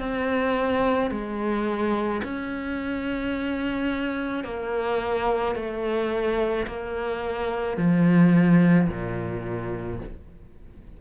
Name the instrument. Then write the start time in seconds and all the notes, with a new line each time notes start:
cello
0.00 C4
1.11 G#3
2.24 C#4
4.44 A#3
5.56 A3
6.67 A#3
7.77 F3
8.89 A#2